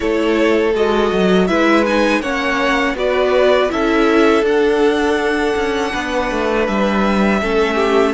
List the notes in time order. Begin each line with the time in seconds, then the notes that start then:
0.00 A3 E4 A4 C#5
0.74 G#3 F#4 D#5
1.12 F#3
1.47 G#3 E4 B4 E5
1.86 D#4 G#5
2.20 A#3 C#4 C#5 F#5
2.94 B3 F#4 B4 D5
3.69 C#4 E4 A4 E5
4.42 D4 F#5
5.56 C#4
5.92 B3 B4
6.31 A3
6.66 G3 E5
7.40 A3 C#4 A4
7.75 G4